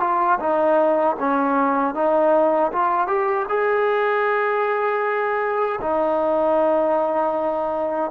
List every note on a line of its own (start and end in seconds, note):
0.00 0.38 F4
0.39 1.16 D#4
1.19 1.94 C#4
1.94 2.71 D#4
2.72 3.07 F4
3.07 3.45 G4
3.49 5.79 G#4
5.81 8.11 D#4